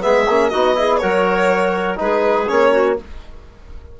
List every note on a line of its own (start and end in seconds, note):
0.00 0.28 G#3
0.00 0.25 B3
0.00 0.50 G#4
0.00 0.49 E5
0.28 0.52 A#3
0.28 0.53 C#4
0.49 1.03 B3
0.49 0.75 D#4
0.49 0.75 F#4
0.49 0.98 D#5
0.75 1.00 E4
0.75 1.01 G#4
0.98 2.00 F#3
0.98 1.97 F#4
0.98 1.99 A#4
0.98 1.96 C#5
1.97 2.49 G#3
1.97 2.46 D#4
1.97 2.71 G#4
1.97 2.49 B4
2.48 3.00 A#3
2.48 2.97 C#4
2.48 2.98 C#5
2.71 2.96 F#4